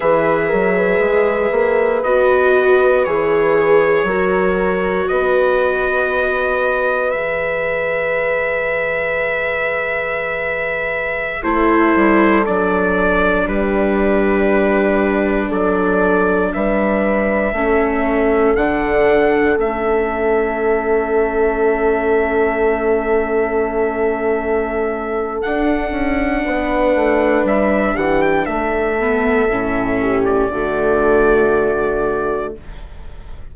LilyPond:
<<
  \new Staff \with { instrumentName = "trumpet" } { \time 4/4 \tempo 4 = 59 e''2 dis''4 cis''4~ | cis''4 dis''2 e''4~ | e''2.~ e''16 c''8.~ | c''16 d''4 b'2 d''8.~ |
d''16 e''2 fis''4 e''8.~ | e''1~ | e''4 fis''2 e''8 fis''16 g''16 | e''4.~ e''16 d''2~ d''16 | }
  \new Staff \with { instrumentName = "horn" } { \time 4/4 b'8 ais'16 b'2.~ b'16 | ais'4 b'2.~ | b'2.~ b'16 a'8.~ | a'4~ a'16 g'2 a'8.~ |
a'16 b'4 a'2~ a'8.~ | a'1~ | a'2 b'4. g'8 | a'4. g'8 fis'2 | }
  \new Staff \with { instrumentName = "viola" } { \time 4/4 gis'2 fis'4 gis'4 | fis'2. gis'4~ | gis'2.~ gis'16 e'8.~ | e'16 d'2.~ d'8.~ |
d'4~ d'16 cis'4 d'4 cis'8.~ | cis'1~ | cis'4 d'2.~ | d'8 b8 cis'4 a2 | }
  \new Staff \with { instrumentName = "bassoon" } { \time 4/4 e8 fis8 gis8 ais8 b4 e4 | fis4 b2 e4~ | e2.~ e16 a8 g16~ | g16 fis4 g2 fis8.~ |
fis16 g4 a4 d4 a8.~ | a1~ | a4 d'8 cis'8 b8 a8 g8 e8 | a4 a,4 d2 | }
>>